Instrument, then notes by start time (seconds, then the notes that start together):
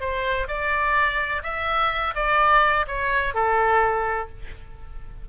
oboe
0.00 C5
0.47 D5
1.43 E5
2.15 D5
2.87 C#5
3.34 A4